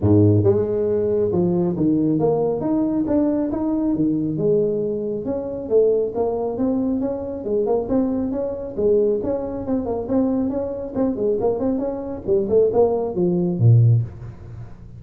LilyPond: \new Staff \with { instrumentName = "tuba" } { \time 4/4 \tempo 4 = 137 gis,4 gis2 f4 | dis4 ais4 dis'4 d'4 | dis'4 dis4 gis2 | cis'4 a4 ais4 c'4 |
cis'4 gis8 ais8 c'4 cis'4 | gis4 cis'4 c'8 ais8 c'4 | cis'4 c'8 gis8 ais8 c'8 cis'4 | g8 a8 ais4 f4 ais,4 | }